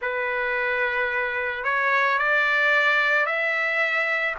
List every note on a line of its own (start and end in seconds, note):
0.01 1.64 B4
1.64 2.18 C#5
2.18 3.25 D5
3.25 4.34 E5